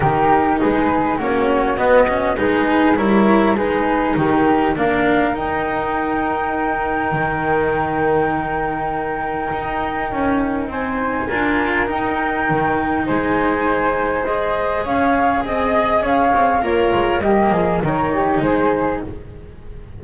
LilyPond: <<
  \new Staff \with { instrumentName = "flute" } { \time 4/4 \tempo 4 = 101 ais'4 b'4 cis''4 dis''4 | b'4 cis''4 b'4 ais'4 | f''4 g''2.~ | g''1~ |
g''2 gis''2 | g''2 gis''2 | dis''4 f''4 dis''4 f''4 | cis''4 dis''4 cis''4 c''4 | }
  \new Staff \with { instrumentName = "flute" } { \time 4/4 g'4 gis'4 fis'2 | gis'4 ais'4 gis'4 g'4 | ais'1~ | ais'1~ |
ais'2 c''4 ais'4~ | ais'2 c''2~ | c''4 cis''4 dis''4 cis''4 | f'4 g'8 gis'8 ais'8 g'8 gis'4 | }
  \new Staff \with { instrumentName = "cello" } { \time 4/4 dis'2 cis'4 b8 cis'8 | dis'4 e'4 dis'2 | d'4 dis'2.~ | dis'1~ |
dis'2. f'4 | dis'1 | gis'1 | ais'4 ais4 dis'2 | }
  \new Staff \with { instrumentName = "double bass" } { \time 4/4 dis4 gis4 ais4 b4 | gis4 g4 gis4 dis4 | ais4 dis'2. | dis1 |
dis'4 cis'4 c'4 d'4 | dis'4 dis4 gis2~ | gis4 cis'4 c'4 cis'8 c'8 | ais8 gis8 g8 f8 dis4 gis4 | }
>>